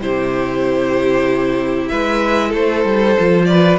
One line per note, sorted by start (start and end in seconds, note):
0.00 1.90 C3
0.00 3.16 E4
0.00 1.91 G4
0.00 1.88 C5
1.88 2.53 G#3
1.88 2.49 B4
1.88 2.51 E5
2.49 2.84 A3
2.49 3.43 A4
2.49 3.45 C5
2.84 3.16 G3
3.19 3.78 F3
3.19 3.78 F4
3.45 3.78 B4
3.45 3.77 D5